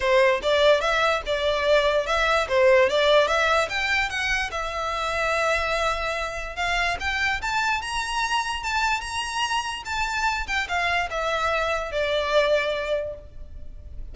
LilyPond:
\new Staff \with { instrumentName = "violin" } { \time 4/4 \tempo 4 = 146 c''4 d''4 e''4 d''4~ | d''4 e''4 c''4 d''4 | e''4 g''4 fis''4 e''4~ | e''1 |
f''4 g''4 a''4 ais''4~ | ais''4 a''4 ais''2 | a''4. g''8 f''4 e''4~ | e''4 d''2. | }